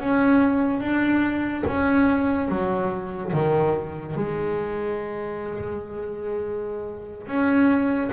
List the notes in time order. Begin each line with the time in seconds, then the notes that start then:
0.00 C#4
0.80 D4
1.67 C#4
2.48 F#3
3.33 D#3
4.16 G#3
7.27 C#4